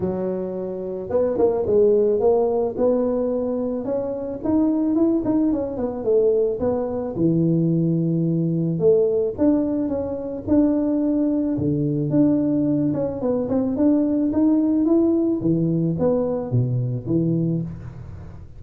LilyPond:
\new Staff \with { instrumentName = "tuba" } { \time 4/4 \tempo 4 = 109 fis2 b8 ais8 gis4 | ais4 b2 cis'4 | dis'4 e'8 dis'8 cis'8 b8 a4 | b4 e2. |
a4 d'4 cis'4 d'4~ | d'4 d4 d'4. cis'8 | b8 c'8 d'4 dis'4 e'4 | e4 b4 b,4 e4 | }